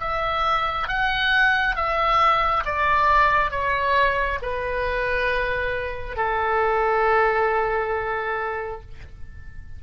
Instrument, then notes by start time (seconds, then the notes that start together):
oboe
0.00 E5
0.88 F#5
1.76 E5
2.66 D5
3.51 C#5
4.42 B4
6.16 A4